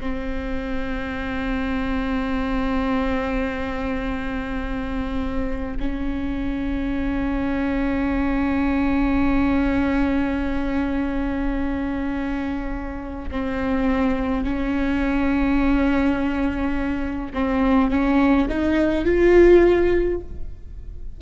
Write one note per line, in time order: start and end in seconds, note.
0.00 5.77 C4
5.80 13.30 C#4
13.31 14.44 C4
14.44 17.32 C#4
17.34 17.91 C4
17.91 18.49 C#4
18.49 19.05 D#4
19.05 20.20 F4